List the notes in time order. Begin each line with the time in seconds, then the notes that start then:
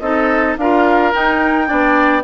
0.00 C4 D#4 A4 D#5
0.57 D4 F4 A#4 F5
1.13 D#4 G5
1.67 B3 D4 D5